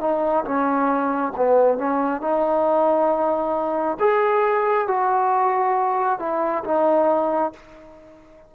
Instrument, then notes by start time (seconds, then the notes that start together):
trombone
0.00 D#4
0.45 C#4
1.36 B3
1.78 C#4
2.21 D#4
3.99 G#4
4.87 F#4
6.19 E4
6.64 D#4